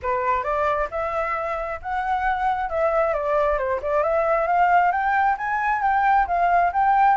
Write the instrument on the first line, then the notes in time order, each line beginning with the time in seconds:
flute
0.02 B4
0.43 D5
0.90 E5
1.82 F#5
2.69 E5
3.13 D5
3.58 C5
3.82 D5
4.03 E5
4.47 F5
4.91 G5
5.37 G#5
5.82 G5
6.27 F5
6.73 G5